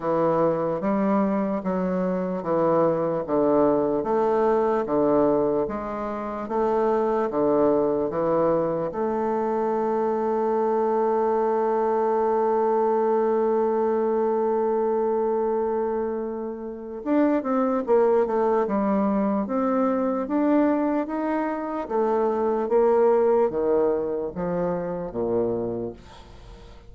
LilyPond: \new Staff \with { instrumentName = "bassoon" } { \time 4/4 \tempo 4 = 74 e4 g4 fis4 e4 | d4 a4 d4 gis4 | a4 d4 e4 a4~ | a1~ |
a1~ | a4 d'8 c'8 ais8 a8 g4 | c'4 d'4 dis'4 a4 | ais4 dis4 f4 ais,4 | }